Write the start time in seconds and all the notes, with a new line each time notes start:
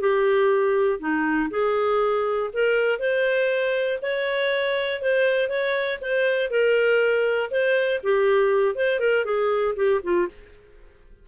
0.00 G4
0.99 D#4
1.50 G#4
2.53 A#4
2.99 C5
4.02 C#5
5.01 C5
5.49 C#5
6.01 C5
6.50 A#4
7.50 C5
8.03 G4
8.75 C5
8.99 A#4
9.25 G#4
9.76 G4
10.03 F4